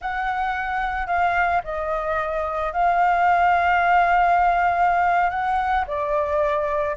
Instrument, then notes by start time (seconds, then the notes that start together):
flute
0.01 F#5
1.06 F5
1.64 D#5
2.72 F5
5.30 F#5
5.86 D5